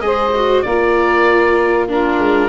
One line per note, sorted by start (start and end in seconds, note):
0.00 0.62 G#3
0.00 0.32 G#4
0.00 0.64 C5
0.00 0.62 D#5
0.35 0.66 F#4
0.62 2.19 A#3
0.62 1.88 F4
0.62 1.88 A#4
0.62 1.85 D5
1.88 2.49 D4
1.88 2.49 F4
1.88 2.49 A#4
2.19 2.49 G#3